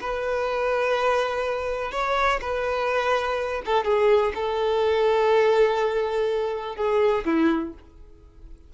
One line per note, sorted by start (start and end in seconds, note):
0.00 1.91 B4
1.91 2.40 C#5
2.41 3.62 B4
3.65 3.84 A4
3.84 4.32 G#4
4.34 6.76 A4
6.76 7.24 G#4
7.25 7.73 E4